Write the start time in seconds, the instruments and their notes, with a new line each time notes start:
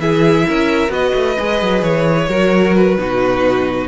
0.00 cello E3, viola E4, violin G#4 E5
0.48 cello C#4, violin A#4
0.89 cello B3, viola F#4, violin D#5
0.96 violin B4
1.15 cello A3
1.39 cello G#3, viola G#4
1.63 cello F#3
1.83 cello E3, violin C#5
2.29 cello F#3, viola F#4, violin A#4
2.76 violin B4
2.98 cello B2, viola D#4, violin F#4